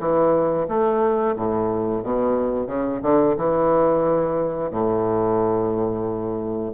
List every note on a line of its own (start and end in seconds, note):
0.00 0.67 E3
0.68 1.36 A3
1.36 2.03 A2
2.03 2.67 B2
2.67 3.00 C#3
3.02 3.36 D3
3.37 4.71 E3
4.71 6.73 A2